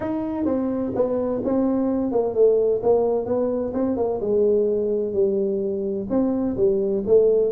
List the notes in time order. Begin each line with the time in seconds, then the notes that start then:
0.00 D#4
0.45 C4
0.95 B3
1.44 C4
2.11 A#3
2.34 A3
2.82 A#3
3.25 B3
3.73 C4
3.97 A#3
4.21 G#3
5.13 G3
6.09 C4
6.56 G3
7.06 A3